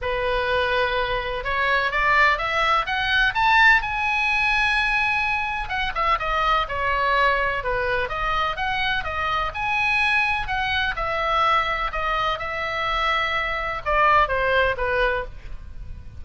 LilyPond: \new Staff \with { instrumentName = "oboe" } { \time 4/4 \tempo 4 = 126 b'2. cis''4 | d''4 e''4 fis''4 a''4 | gis''1 | fis''8 e''8 dis''4 cis''2 |
b'4 dis''4 fis''4 dis''4 | gis''2 fis''4 e''4~ | e''4 dis''4 e''2~ | e''4 d''4 c''4 b'4 | }